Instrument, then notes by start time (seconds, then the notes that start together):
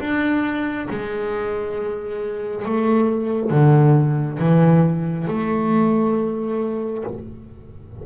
double bass
0.00 D4
0.90 G#3
2.65 A3
3.51 D3
4.39 E3
5.27 A3